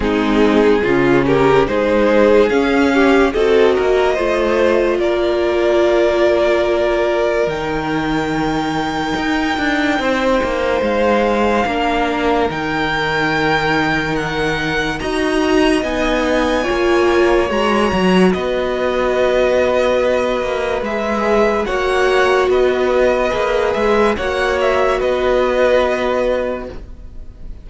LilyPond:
<<
  \new Staff \with { instrumentName = "violin" } { \time 4/4 \tempo 4 = 72 gis'4. ais'8 c''4 f''4 | dis''2 d''2~ | d''4 g''2.~ | g''4 f''2 g''4~ |
g''4 fis''4 ais''4 gis''4~ | gis''4 ais''4 dis''2~ | dis''4 e''4 fis''4 dis''4~ | dis''8 e''8 fis''8 e''8 dis''2 | }
  \new Staff \with { instrumentName = "violin" } { \time 4/4 dis'4 f'8 g'8 gis'4. g'8 | a'8 ais'8 c''4 ais'2~ | ais'1 | c''2 ais'2~ |
ais'2 dis''2 | cis''2 b'2~ | b'2 cis''4 b'4~ | b'4 cis''4 b'2 | }
  \new Staff \with { instrumentName = "viola" } { \time 4/4 c'4 cis'4 dis'4 cis'4 | fis'4 f'2.~ | f'4 dis'2.~ | dis'2 d'4 dis'4~ |
dis'2 fis'4 dis'4 | f'4 fis'2.~ | fis'4 gis'4 fis'2 | gis'4 fis'2. | }
  \new Staff \with { instrumentName = "cello" } { \time 4/4 gis4 cis4 gis4 cis'4 | c'8 ais8 a4 ais2~ | ais4 dis2 dis'8 d'8 | c'8 ais8 gis4 ais4 dis4~ |
dis2 dis'4 b4 | ais4 gis8 fis8 b2~ | b8 ais8 gis4 ais4 b4 | ais8 gis8 ais4 b2 | }
>>